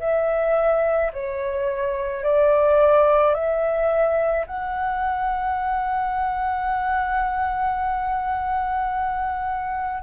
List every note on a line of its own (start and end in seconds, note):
0.00 1.11 E5
1.13 2.24 C#5
2.24 3.34 D5
3.34 4.45 E5
4.46 10.02 F#5